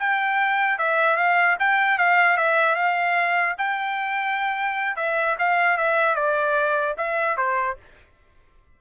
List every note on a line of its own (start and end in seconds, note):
0.00 0.79 G5
0.79 1.17 E5
1.17 1.57 F5
1.60 1.99 G5
1.99 2.38 F5
2.38 2.76 E5
2.76 3.56 F5
3.58 4.97 G5
4.97 5.37 E5
5.39 5.78 F5
5.78 6.16 E5
6.16 6.96 D5
6.98 7.37 E5
7.37 7.77 C5